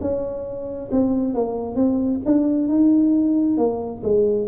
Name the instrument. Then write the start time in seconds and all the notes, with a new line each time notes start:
tuba
0.00 C#4
0.91 C4
1.34 A#3
1.75 C4
2.25 D4
2.68 D#4
3.57 A#3
4.03 G#3